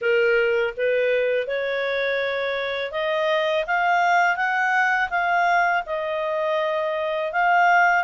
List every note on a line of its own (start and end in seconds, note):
0.01 0.74 A#4
0.76 1.47 B4
1.47 2.91 C#5
2.91 3.65 D#5
3.66 4.36 F5
4.36 5.09 F#5
5.10 5.83 F5
5.85 7.32 D#5
7.32 8.04 F5